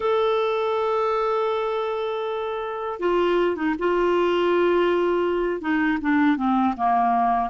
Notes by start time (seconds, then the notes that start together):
0.00 A4
2.99 F4
3.56 D#4
3.78 F4
5.61 D#4
6.01 D4
6.36 C4
6.76 A#3